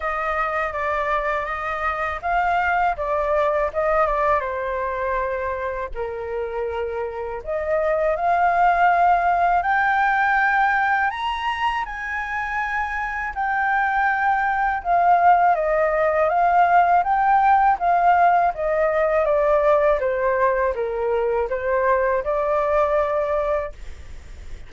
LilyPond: \new Staff \with { instrumentName = "flute" } { \time 4/4 \tempo 4 = 81 dis''4 d''4 dis''4 f''4 | d''4 dis''8 d''8 c''2 | ais'2 dis''4 f''4~ | f''4 g''2 ais''4 |
gis''2 g''2 | f''4 dis''4 f''4 g''4 | f''4 dis''4 d''4 c''4 | ais'4 c''4 d''2 | }